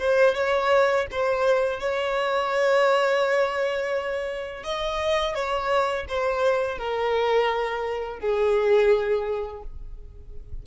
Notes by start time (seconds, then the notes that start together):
0.00 C5
0.35 C#5
1.12 C5
1.81 C#5
4.64 D#5
5.35 C#5
6.09 C5
6.79 A#4
8.20 G#4